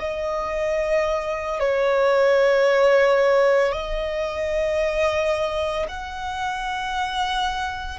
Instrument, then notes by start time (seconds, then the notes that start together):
violin
0.00 D#5
1.60 C#5
3.73 D#5
5.89 F#5